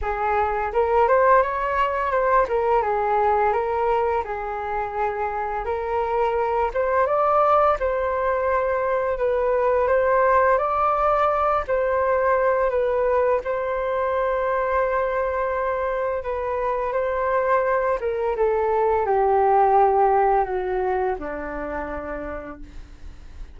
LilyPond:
\new Staff \with { instrumentName = "flute" } { \time 4/4 \tempo 4 = 85 gis'4 ais'8 c''8 cis''4 c''8 ais'8 | gis'4 ais'4 gis'2 | ais'4. c''8 d''4 c''4~ | c''4 b'4 c''4 d''4~ |
d''8 c''4. b'4 c''4~ | c''2. b'4 | c''4. ais'8 a'4 g'4~ | g'4 fis'4 d'2 | }